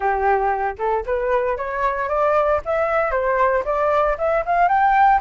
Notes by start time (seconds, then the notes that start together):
0.00 G4
0.78 A4
1.06 B4
1.57 C#5
2.08 D5
2.65 E5
3.11 C5
3.65 D5
4.18 E5
4.45 F5
4.68 G5